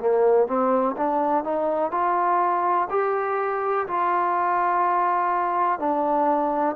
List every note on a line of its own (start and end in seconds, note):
0.00 0.48 A#3
0.48 0.96 C4
0.97 1.44 D4
1.44 1.91 D#4
1.91 2.88 F4
2.90 3.87 G4
3.88 5.79 F4
5.79 6.76 D4